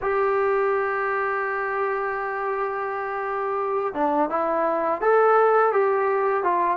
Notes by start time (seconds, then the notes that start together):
0.01 G4
3.94 D4
4.29 E4
5.01 A4
5.72 G4
6.43 F4